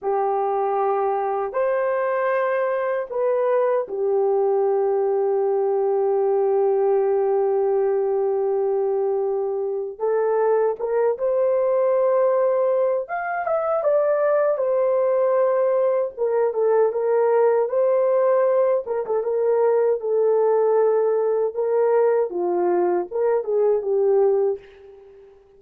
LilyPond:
\new Staff \with { instrumentName = "horn" } { \time 4/4 \tempo 4 = 78 g'2 c''2 | b'4 g'2.~ | g'1~ | g'4 a'4 ais'8 c''4.~ |
c''4 f''8 e''8 d''4 c''4~ | c''4 ais'8 a'8 ais'4 c''4~ | c''8 ais'16 a'16 ais'4 a'2 | ais'4 f'4 ais'8 gis'8 g'4 | }